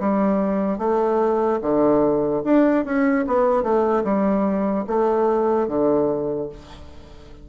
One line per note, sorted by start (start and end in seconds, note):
0.00 0.79 G3
0.79 1.60 A3
1.62 2.43 D3
2.45 2.85 D4
2.85 3.26 C#4
3.27 3.63 B3
3.63 4.04 A3
4.04 4.85 G3
4.87 5.68 A3
5.68 6.49 D3